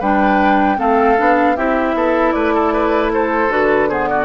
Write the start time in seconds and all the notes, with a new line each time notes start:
0.00 G3 D4 B4 G5
0.78 A3 C4 A4 F5
1.18 B3 D4
1.57 C4 E4 G4 E5
1.94 B3 A4
2.32 A3 B4 D5
2.55 A4
2.74 B4
3.14 A4 C5
3.50 D3 F#4 B4
3.89 B3 G#4 C5
4.08 F#4 D5